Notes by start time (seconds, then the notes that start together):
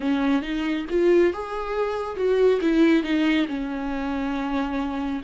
0.00 C#4
0.42 D#4
0.89 F4
1.33 G#4
2.16 F#4
2.61 E4
3.03 D#4
3.47 C#4